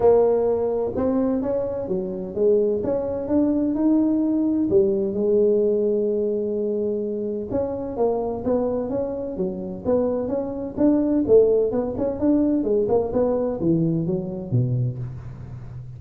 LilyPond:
\new Staff \with { instrumentName = "tuba" } { \time 4/4 \tempo 4 = 128 ais2 c'4 cis'4 | fis4 gis4 cis'4 d'4 | dis'2 g4 gis4~ | gis1 |
cis'4 ais4 b4 cis'4 | fis4 b4 cis'4 d'4 | a4 b8 cis'8 d'4 gis8 ais8 | b4 e4 fis4 b,4 | }